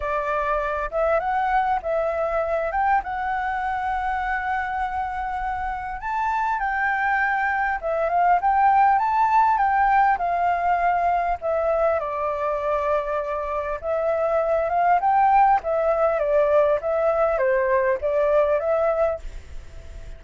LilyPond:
\new Staff \with { instrumentName = "flute" } { \time 4/4 \tempo 4 = 100 d''4. e''8 fis''4 e''4~ | e''8 g''8 fis''2.~ | fis''2 a''4 g''4~ | g''4 e''8 f''8 g''4 a''4 |
g''4 f''2 e''4 | d''2. e''4~ | e''8 f''8 g''4 e''4 d''4 | e''4 c''4 d''4 e''4 | }